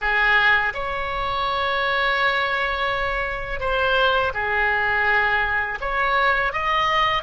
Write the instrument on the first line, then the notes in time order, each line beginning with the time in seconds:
oboe
0.01 G#4
0.74 C#5
3.59 C5
4.34 G#4
5.81 C#5
6.52 D#5